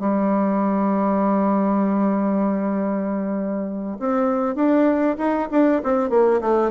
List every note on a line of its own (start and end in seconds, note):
0.00 3.98 G3
4.00 4.56 C4
4.56 5.17 D4
5.18 5.49 D#4
5.51 5.82 D4
5.84 6.10 C4
6.10 6.41 A#3
6.41 6.71 A3